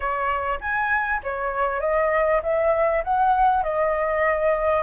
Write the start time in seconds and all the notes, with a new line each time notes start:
0.00 C#5
0.60 G#5
1.23 C#5
1.80 D#5
2.42 E5
3.04 F#5
3.63 D#5